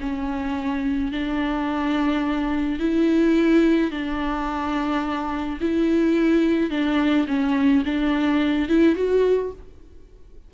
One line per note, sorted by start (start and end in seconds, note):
0.00 1.12 C#4
1.12 2.79 D4
2.79 3.90 E4
3.90 5.59 D4
5.60 6.70 E4
6.70 7.26 D4
7.27 7.83 C#4
7.85 8.68 D4
8.68 8.95 E4
8.95 9.51 F#4